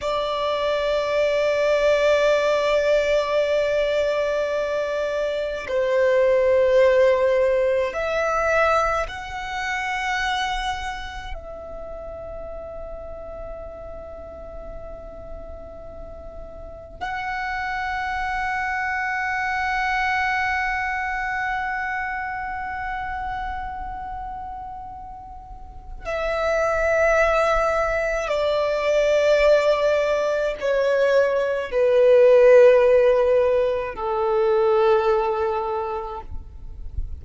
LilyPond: \new Staff \with { instrumentName = "violin" } { \time 4/4 \tempo 4 = 53 d''1~ | d''4 c''2 e''4 | fis''2 e''2~ | e''2. fis''4~ |
fis''1~ | fis''2. e''4~ | e''4 d''2 cis''4 | b'2 a'2 | }